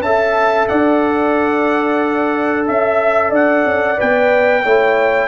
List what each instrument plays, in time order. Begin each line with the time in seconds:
0.00 tuba C#4, trombone A4, horn E5, trumpet A5
0.68 tuba D4, horn D5, trumpet F#5
2.67 tuba C#4, trumpet E5, horn E5
3.30 tuba D4, horn D5, trumpet F#5
3.65 tuba C#4
3.97 tuba B3, trombone B4, trumpet G5
4.63 tuba A3, trombone E4, horn C#5